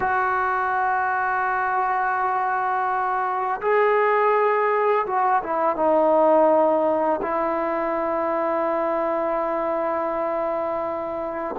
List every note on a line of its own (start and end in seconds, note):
0.00 3.60 F#4
3.61 5.05 G#4
5.06 5.42 F#4
5.42 5.75 E4
5.75 7.20 D#4
7.22 11.55 E4